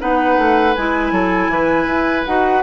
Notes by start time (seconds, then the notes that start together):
0.00 B3 D#4 B4 F#5
0.38 A3
0.75 G#3 E4 G#5
1.12 F#3 A4
1.49 E3 B4
1.87 E4
2.26 D#4 F#4 F#5